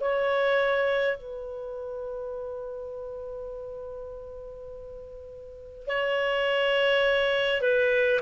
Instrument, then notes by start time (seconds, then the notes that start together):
clarinet
0.00 C#5
1.17 B4
5.87 C#5
7.60 B4